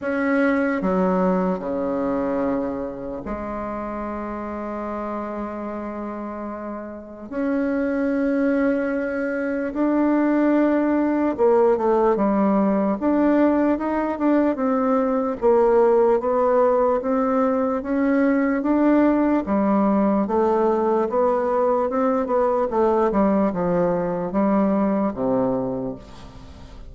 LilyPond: \new Staff \with { instrumentName = "bassoon" } { \time 4/4 \tempo 4 = 74 cis'4 fis4 cis2 | gis1~ | gis4 cis'2. | d'2 ais8 a8 g4 |
d'4 dis'8 d'8 c'4 ais4 | b4 c'4 cis'4 d'4 | g4 a4 b4 c'8 b8 | a8 g8 f4 g4 c4 | }